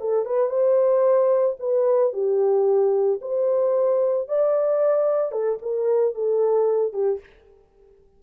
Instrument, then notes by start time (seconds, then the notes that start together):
horn
0.00 A4
0.25 B4
0.49 C5
1.59 B4
2.13 G4
3.21 C5
4.28 D5
5.31 A4
5.62 A#4
6.14 A4
6.93 G4